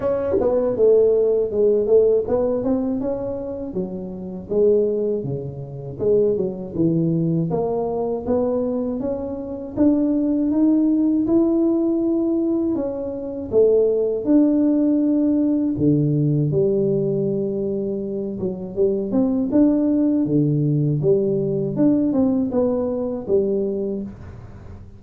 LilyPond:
\new Staff \with { instrumentName = "tuba" } { \time 4/4 \tempo 4 = 80 cis'8 b8 a4 gis8 a8 b8 c'8 | cis'4 fis4 gis4 cis4 | gis8 fis8 e4 ais4 b4 | cis'4 d'4 dis'4 e'4~ |
e'4 cis'4 a4 d'4~ | d'4 d4 g2~ | g8 fis8 g8 c'8 d'4 d4 | g4 d'8 c'8 b4 g4 | }